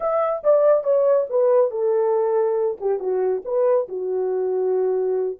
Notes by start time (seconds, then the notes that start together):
0.00 E5
0.43 D5
0.83 C#5
1.29 B4
1.70 A4
2.80 G4
2.99 F#4
3.45 B4
3.88 F#4